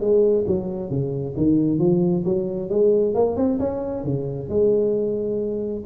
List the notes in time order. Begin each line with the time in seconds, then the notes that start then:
0.00 G#3
0.47 F#3
0.90 C#3
1.37 D#3
1.79 F3
2.25 F#3
2.69 G#3
3.14 A#3
3.36 C4
3.59 C#4
4.04 C#3
4.49 G#3